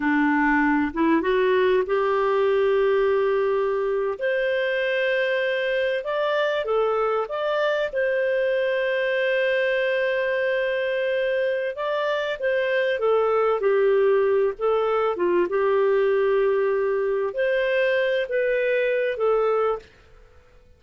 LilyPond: \new Staff \with { instrumentName = "clarinet" } { \time 4/4 \tempo 4 = 97 d'4. e'8 fis'4 g'4~ | g'2~ g'8. c''4~ c''16~ | c''4.~ c''16 d''4 a'4 d''16~ | d''8. c''2.~ c''16~ |
c''2. d''4 | c''4 a'4 g'4. a'8~ | a'8 f'8 g'2. | c''4. b'4. a'4 | }